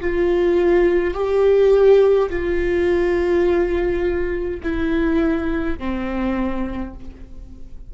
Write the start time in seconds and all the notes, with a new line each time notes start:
0.00 F4
1.13 G4
2.29 F4
4.63 E4
5.78 C4